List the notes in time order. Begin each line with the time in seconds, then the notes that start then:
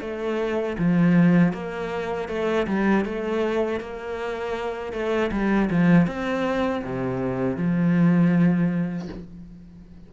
0.00 A3
0.78 F3
1.53 A#3
2.28 A3
2.67 G3
3.04 A3
3.80 A#3
4.92 A3
5.31 G3
5.70 F3
6.07 C4
6.84 C3
7.56 F3